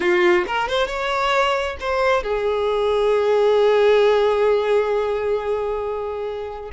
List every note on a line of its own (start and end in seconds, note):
0.00 0.45 F4
0.47 0.68 A#4
0.68 0.87 C5
0.87 1.76 C#5
1.80 2.23 C5
2.23 6.70 G#4